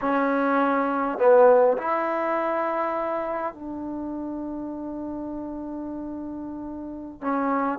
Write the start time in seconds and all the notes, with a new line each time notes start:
0.01 C#4
1.18 B3
1.77 E4
3.53 D4
7.21 C#4